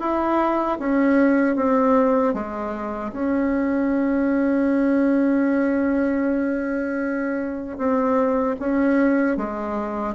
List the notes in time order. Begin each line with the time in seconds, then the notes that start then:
0.00 E4
0.79 C#4
1.56 C4
2.33 G#3
3.12 C#4
7.78 C4
8.59 C#4
9.36 G#3